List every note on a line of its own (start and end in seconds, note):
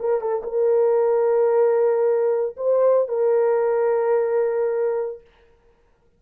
0.00 0.21 A#4
0.21 0.43 A4
0.44 2.56 A#4
2.57 3.08 C5
3.08 5.21 A#4